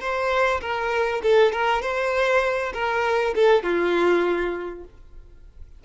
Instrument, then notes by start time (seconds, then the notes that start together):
violin
0.00 C5
0.61 A#4
1.23 A4
1.52 A#4
1.82 C5
2.74 A#4
3.35 A4
3.63 F4